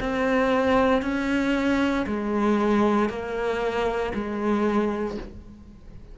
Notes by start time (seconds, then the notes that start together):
0.00 C4
1.02 C#4
2.06 G#3
3.09 A#3
4.14 G#3